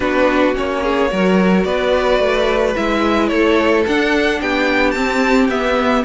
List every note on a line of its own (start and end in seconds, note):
0.00 0.55 B3
0.00 0.54 D4
0.00 0.82 F#4
0.00 0.54 B4
0.54 1.12 A#3
0.54 1.09 C#4
0.54 1.64 C#5
0.82 1.10 G#4
1.10 1.64 F#3
1.10 2.76 F#4
1.10 1.66 A#4
1.64 2.19 B3
1.64 3.29 B4
1.64 2.74 D5
2.19 2.74 A3
2.76 3.30 G#3
2.76 3.86 E4
2.76 3.28 E5
3.28 3.85 A3
3.28 4.39 A4
3.28 3.83 C#5
3.87 4.41 D4
3.87 4.94 D4
3.87 4.41 F#5
4.41 4.95 B3
4.41 6.04 G4
4.41 4.91 G5
4.91 5.50 C4
4.91 5.48 C4
4.91 5.46 A5
5.48 6.03 B3
5.48 6.04 B3
5.48 6.04 E5